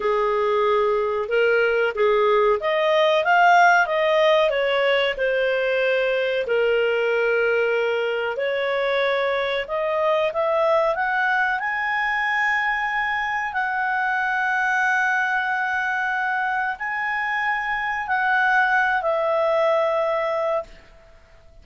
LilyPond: \new Staff \with { instrumentName = "clarinet" } { \time 4/4 \tempo 4 = 93 gis'2 ais'4 gis'4 | dis''4 f''4 dis''4 cis''4 | c''2 ais'2~ | ais'4 cis''2 dis''4 |
e''4 fis''4 gis''2~ | gis''4 fis''2.~ | fis''2 gis''2 | fis''4. e''2~ e''8 | }